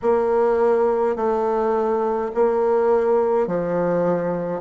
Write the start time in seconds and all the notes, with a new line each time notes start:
0.02 A#3
1.15 A3
2.34 A#3
3.47 F3